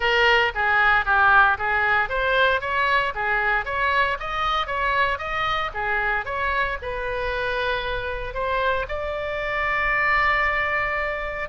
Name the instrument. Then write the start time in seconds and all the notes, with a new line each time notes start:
oboe
0.00 A#4
0.55 G#4
1.05 G4
1.58 G#4
2.09 C5
2.60 C#5
3.14 G#4
3.65 C#5
4.19 D#5
4.66 C#5
5.18 D#5
5.74 G#4
6.25 C#5
6.81 B4
8.33 C5
8.88 D5